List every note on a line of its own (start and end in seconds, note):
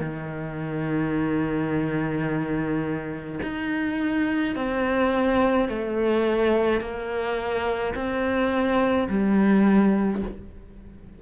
0.00 3.40 D#3
3.43 4.55 D#4
4.55 5.69 C4
5.69 6.81 A3
6.81 7.94 A#3
7.95 9.08 C4
9.09 10.22 G3